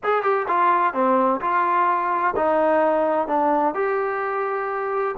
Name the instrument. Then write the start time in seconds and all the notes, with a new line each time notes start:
trombone
0.03 G#4
0.22 G4
0.48 F4
0.93 C4
1.40 F4
2.36 D#4
3.27 D4
3.74 G4